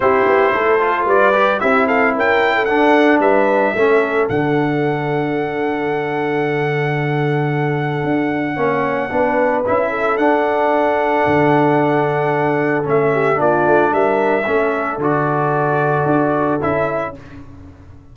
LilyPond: <<
  \new Staff \with { instrumentName = "trumpet" } { \time 4/4 \tempo 4 = 112 c''2 d''4 e''8 f''8 | g''4 fis''4 e''2 | fis''1~ | fis''1~ |
fis''2 e''4 fis''4~ | fis''1 | e''4 d''4 e''2 | d''2. e''4 | }
  \new Staff \with { instrumentName = "horn" } { \time 4/4 g'4 a'4 b'4 g'8 a'8 | ais'8. a'4~ a'16 b'4 a'4~ | a'1~ | a'1 |
cis''4 b'4. a'4.~ | a'1~ | a'8 g'8 f'4 ais'4 a'4~ | a'1 | }
  \new Staff \with { instrumentName = "trombone" } { \time 4/4 e'4. f'4 g'8 e'4~ | e'4 d'2 cis'4 | d'1~ | d'1 |
cis'4 d'4 e'4 d'4~ | d'1 | cis'4 d'2 cis'4 | fis'2. e'4 | }
  \new Staff \with { instrumentName = "tuba" } { \time 4/4 c'8 b8 a4 g4 c'4 | cis'4 d'4 g4 a4 | d1~ | d2. d'4 |
ais4 b4 cis'4 d'4~ | d'4 d2. | a4 ais8 a8 g4 a4 | d2 d'4 cis'4 | }
>>